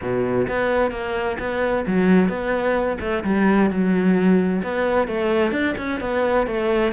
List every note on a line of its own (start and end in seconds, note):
0.01 0.47 B2
0.48 0.91 B3
0.91 1.37 A#3
1.39 1.85 B3
1.87 2.28 F#3
2.28 2.98 B3
3.00 3.23 A3
3.24 3.70 G3
3.70 4.62 F#3
4.63 5.07 B3
5.07 5.51 A3
5.51 5.74 D4
5.77 6.00 C#4
6.00 6.46 B3
6.46 6.92 A3